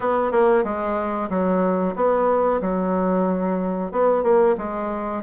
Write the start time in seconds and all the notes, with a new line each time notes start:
0.00 B3
0.31 A#3
0.63 G#3
1.29 F#3
1.95 B3
2.61 F#3
3.91 B3
4.23 A#3
4.57 G#3